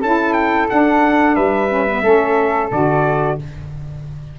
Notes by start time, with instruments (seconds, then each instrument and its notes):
0.00 tuba C#4, saxophone E4, flute A4, trumpet A5
0.33 trumpet G5
0.69 saxophone D4, tuba D4, trumpet F#5
1.34 tuba G3, flute B4, trumpet E5
1.69 saxophone C#4
1.87 saxophone B3
2.02 tuba A3, saxophone C#4, flute A4
2.71 tuba D3, saxophone F#4, trumpet D5